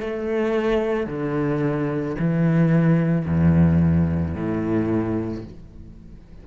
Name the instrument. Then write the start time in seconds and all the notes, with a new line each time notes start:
cello
0.00 A3
1.07 D3
2.19 E3
3.25 E2
4.34 A2